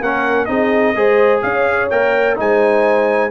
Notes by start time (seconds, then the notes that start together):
0.00 A#3 C#4 A#4 F#5
0.45 C4 D#4 G#4 D#5
0.94 G#3 G#4 C5
1.42 C#4 C#5 F5
1.90 A#3 A#4 G5
2.36 G#3 D#4 C5 G#5